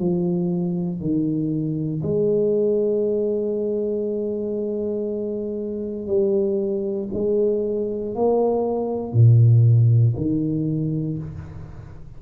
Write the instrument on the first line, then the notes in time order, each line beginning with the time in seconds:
tuba
0.00 F3
1.01 D#3
2.03 G#3
6.07 G3
7.14 G#3
8.15 A#3
9.13 A#2
10.17 D#3